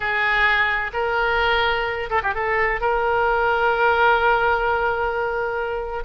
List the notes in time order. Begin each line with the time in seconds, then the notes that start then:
0.00 G#4
0.93 A#4
2.10 A4
2.23 G4
2.34 A4
2.80 A#4